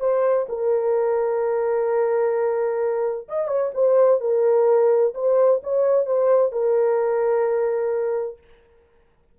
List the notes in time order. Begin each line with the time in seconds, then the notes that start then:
0.00 C5
0.49 A#4
3.29 D#5
3.48 C#5
3.74 C5
4.21 A#4
5.15 C5
5.63 C#5
6.06 C5
6.52 A#4